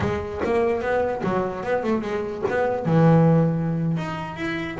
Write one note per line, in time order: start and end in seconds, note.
0.00 0.41 G#3
0.44 0.81 A#3
0.81 1.22 B3
1.23 1.63 F#3
1.63 1.83 B3
1.83 2.01 A3
2.01 2.42 G#3
2.49 2.85 B3
2.85 3.97 E3
3.97 4.36 D#4
4.36 4.77 E4